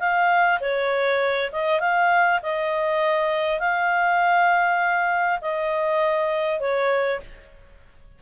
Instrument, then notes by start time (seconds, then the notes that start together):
clarinet
0.00 F5
0.61 C#5
1.52 D#5
1.81 F5
2.43 D#5
3.60 F5
5.41 D#5
6.61 C#5